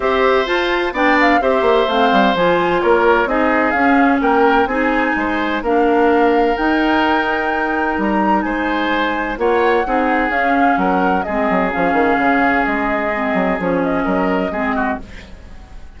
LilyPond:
<<
  \new Staff \with { instrumentName = "flute" } { \time 4/4 \tempo 4 = 128 e''4 a''4 g''8 f''8 e''4 | f''4 gis''4 cis''4 dis''4 | f''4 g''4 gis''2 | f''2 g''2~ |
g''4 ais''4 gis''2 | fis''2 f''4 fis''4 | dis''4 f''2 dis''4~ | dis''4 cis''8 dis''2~ dis''8 | }
  \new Staff \with { instrumentName = "oboe" } { \time 4/4 c''2 d''4 c''4~ | c''2 ais'4 gis'4~ | gis'4 ais'4 gis'4 c''4 | ais'1~ |
ais'2 c''2 | cis''4 gis'2 ais'4 | gis'1~ | gis'2 ais'4 gis'8 fis'8 | }
  \new Staff \with { instrumentName = "clarinet" } { \time 4/4 g'4 f'4 d'4 g'4 | c'4 f'2 dis'4 | cis'2 dis'2 | d'2 dis'2~ |
dis'1 | f'4 dis'4 cis'2 | c'4 cis'2. | c'4 cis'2 c'4 | }
  \new Staff \with { instrumentName = "bassoon" } { \time 4/4 c'4 f'4 b4 c'8 ais8 | a8 g8 f4 ais4 c'4 | cis'4 ais4 c'4 gis4 | ais2 dis'2~ |
dis'4 g4 gis2 | ais4 c'4 cis'4 fis4 | gis8 fis8 f8 dis8 cis4 gis4~ | gis8 fis8 f4 fis4 gis4 | }
>>